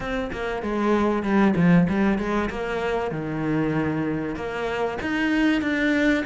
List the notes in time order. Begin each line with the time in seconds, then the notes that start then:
0.00 C4
0.32 A#3
0.62 G#3
1.22 G3
1.55 F3
1.89 G3
2.18 G#3
2.50 A#3
3.11 D#3
4.35 A#3
5.01 D#4
5.61 D4